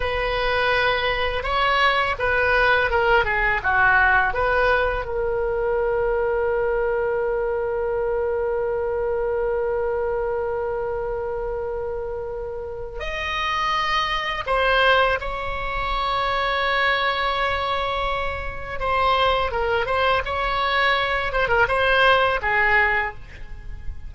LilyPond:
\new Staff \with { instrumentName = "oboe" } { \time 4/4 \tempo 4 = 83 b'2 cis''4 b'4 | ais'8 gis'8 fis'4 b'4 ais'4~ | ais'1~ | ais'1~ |
ais'2 dis''2 | c''4 cis''2.~ | cis''2 c''4 ais'8 c''8 | cis''4. c''16 ais'16 c''4 gis'4 | }